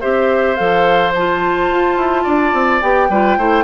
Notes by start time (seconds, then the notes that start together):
0.00 C4 G4 C5 E5
0.55 F3 A4 F5
1.14 F4 A5
1.70 F4
1.96 E4
2.23 D4 D5
2.53 C4
2.82 B3 G4 G5
3.09 G3 F4 B4
3.37 A3 E4 C5